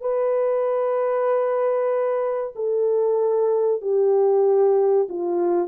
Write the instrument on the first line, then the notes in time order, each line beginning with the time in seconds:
horn
0.00 B4
2.55 A4
3.81 G4
5.08 F4